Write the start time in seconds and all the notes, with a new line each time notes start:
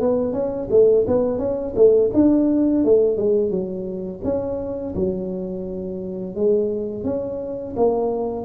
0.00 B3
0.33 C#4
0.70 A3
1.07 B3
1.38 C#4
1.76 A3
2.13 D4
2.84 A3
3.17 G#3
3.50 F#3
4.24 C#4
4.95 F#3
6.35 G#3
7.04 C#4
7.76 A#3